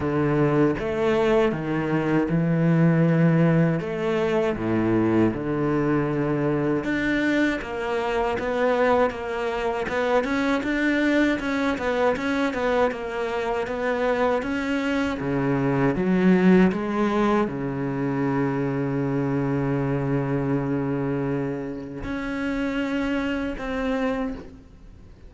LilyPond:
\new Staff \with { instrumentName = "cello" } { \time 4/4 \tempo 4 = 79 d4 a4 dis4 e4~ | e4 a4 a,4 d4~ | d4 d'4 ais4 b4 | ais4 b8 cis'8 d'4 cis'8 b8 |
cis'8 b8 ais4 b4 cis'4 | cis4 fis4 gis4 cis4~ | cis1~ | cis4 cis'2 c'4 | }